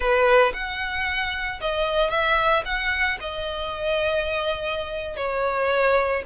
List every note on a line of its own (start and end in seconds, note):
0.00 0.52 B4
0.53 1.60 F#5
1.60 2.10 D#5
2.10 2.63 E5
2.65 3.18 F#5
3.20 5.16 D#5
5.16 6.22 C#5